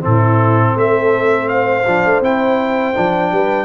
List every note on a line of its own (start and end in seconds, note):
0.00 0.75 A2
0.00 1.83 C4
0.00 0.75 E4
0.00 0.77 A4
0.75 1.85 A3
0.75 1.50 A4
0.75 1.48 E5
1.48 3.33 C5
1.48 2.21 F5
1.87 2.05 F3
1.87 2.23 D4
2.05 2.21 A3
2.21 2.94 C4
2.21 2.94 E4
2.21 3.65 G5
2.94 3.31 F3
2.94 3.65 D4
3.31 3.65 G3
3.31 3.65 B4